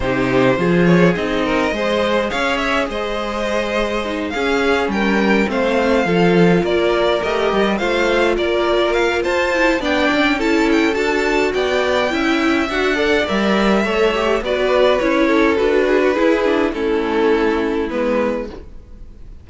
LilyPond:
<<
  \new Staff \with { instrumentName = "violin" } { \time 4/4 \tempo 4 = 104 c''4. cis''8 dis''2 | f''8 e''8 dis''2~ dis''8 f''8~ | f''8 g''4 f''2 d''8~ | d''8 dis''4 f''4 d''4 f''8 |
a''4 g''4 a''8 g''8 a''4 | g''2 fis''4 e''4~ | e''4 d''4 cis''4 b'4~ | b'4 a'2 b'4 | }
  \new Staff \with { instrumentName = "violin" } { \time 4/4 g'4 gis'4. ais'8 c''4 | cis''4 c''2~ c''8 gis'8~ | gis'8 ais'4 c''4 a'4 ais'8~ | ais'4. c''4 ais'4. |
c''4 d''4 a'2 | d''4 e''4. d''4. | cis''4 b'4. a'4 gis'16 fis'16 | gis'4 e'2. | }
  \new Staff \with { instrumentName = "viola" } { \time 4/4 dis'4 f'4 dis'4 gis'4~ | gis'2. dis'8 cis'8~ | cis'4. c'4 f'4.~ | f'8 g'4 f'2~ f'8~ |
f'8 e'8 d'4 e'4 fis'4~ | fis'4 e'4 fis'8 a'8 ais'4 | a'8 g'8 fis'4 e'4 fis'4 | e'8 d'8 cis'2 b4 | }
  \new Staff \with { instrumentName = "cello" } { \time 4/4 c4 f4 c'4 gis4 | cis'4 gis2~ gis8 cis'8~ | cis'8 g4 a4 f4 ais8~ | ais8 a8 g8 a4 ais4. |
f'4 b8 cis'4. d'4 | b4 cis'4 d'4 g4 | a4 b4 cis'4 d'4 | e'4 a2 gis4 | }
>>